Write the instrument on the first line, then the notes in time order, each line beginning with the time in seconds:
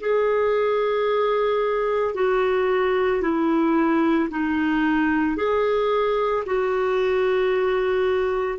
clarinet
0.00 G#4
2.14 F#4
3.21 E4
4.30 D#4
5.37 G#4
6.45 F#4